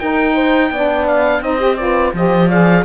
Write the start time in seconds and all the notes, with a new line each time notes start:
0.00 D#4 A#4 G5
0.35 C5
0.71 B3 D4 D5
1.08 F5
1.41 C4 D#4 C5 D#5
1.59 G4
1.77 F4 B4 D5
2.14 F3 G4 C5 D#5
2.48 G#4 D5 F5